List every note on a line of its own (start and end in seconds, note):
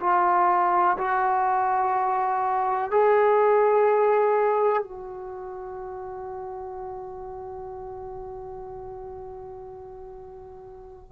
0.00 0.97 F4
0.98 2.91 F#4
2.91 4.83 G#4
4.83 11.12 F#4